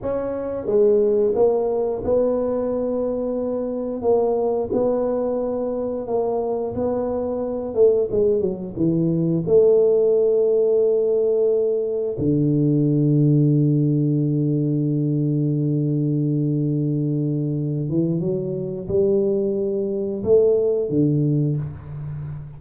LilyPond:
\new Staff \with { instrumentName = "tuba" } { \time 4/4 \tempo 4 = 89 cis'4 gis4 ais4 b4~ | b2 ais4 b4~ | b4 ais4 b4. a8 | gis8 fis8 e4 a2~ |
a2 d2~ | d1~ | d2~ d8 e8 fis4 | g2 a4 d4 | }